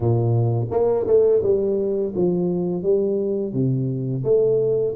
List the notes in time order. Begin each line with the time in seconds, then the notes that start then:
0.00 A#2
0.71 A#3
1.07 A3
1.42 G3
2.15 F3
2.82 G3
3.53 C3
4.24 A3